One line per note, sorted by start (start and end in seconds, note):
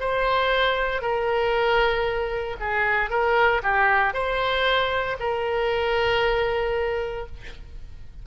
0.00 1.02 C5
1.02 2.57 A#4
2.60 3.10 G#4
3.10 3.62 A#4
3.63 4.13 G4
4.13 5.17 C5
5.20 7.26 A#4